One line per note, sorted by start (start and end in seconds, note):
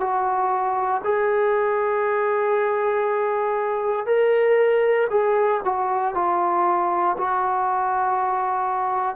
0.00 1.02 F#4
1.04 4.06 G#4
4.06 5.08 A#4
5.10 5.61 G#4
5.64 6.14 F#4
6.14 7.16 F4
7.17 9.16 F#4